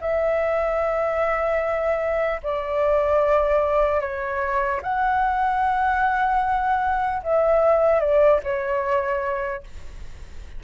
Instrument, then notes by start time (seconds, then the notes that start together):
flute
0.00 E5
2.43 D5
4.00 C#5
4.82 F#5
7.23 E5
8.00 D5
8.43 C#5